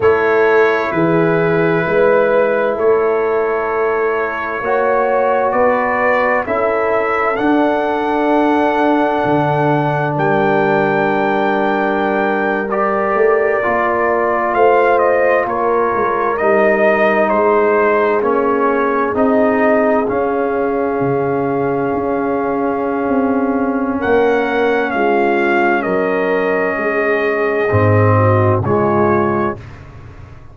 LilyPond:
<<
  \new Staff \with { instrumentName = "trumpet" } { \time 4/4 \tempo 4 = 65 cis''4 b'2 cis''4~ | cis''2 d''4 e''4 | fis''2. g''4~ | g''4.~ g''16 d''2 f''16~ |
f''16 dis''8 cis''4 dis''4 c''4 cis''16~ | cis''8. dis''4 f''2~ f''16~ | f''2 fis''4 f''4 | dis''2. cis''4 | }
  \new Staff \with { instrumentName = "horn" } { \time 4/4 a'4 gis'4 b'4 a'4~ | a'4 cis''4 b'4 a'4~ | a'2. ais'4~ | ais'2.~ ais'8. c''16~ |
c''8. ais'2 gis'4~ gis'16~ | gis'1~ | gis'2 ais'4 f'4 | ais'4 gis'4. fis'8 f'4 | }
  \new Staff \with { instrumentName = "trombone" } { \time 4/4 e'1~ | e'4 fis'2 e'4 | d'1~ | d'4.~ d'16 g'4 f'4~ f'16~ |
f'4.~ f'16 dis'2 cis'16~ | cis'8. dis'4 cis'2~ cis'16~ | cis'1~ | cis'2 c'4 gis4 | }
  \new Staff \with { instrumentName = "tuba" } { \time 4/4 a4 e4 gis4 a4~ | a4 ais4 b4 cis'4 | d'2 d4 g4~ | g2~ g16 a8 ais4 a16~ |
a8. ais8 gis8 g4 gis4 ais16~ | ais8. c'4 cis'4 cis4 cis'16~ | cis'4 c'4 ais4 gis4 | fis4 gis4 gis,4 cis4 | }
>>